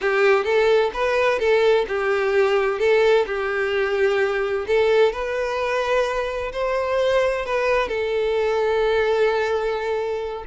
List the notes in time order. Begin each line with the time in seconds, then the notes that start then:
0.01 G4
0.44 A4
0.93 B4
1.39 A4
1.88 G4
2.79 A4
3.26 G4
4.67 A4
5.12 B4
6.52 C5
7.45 B4
7.88 A4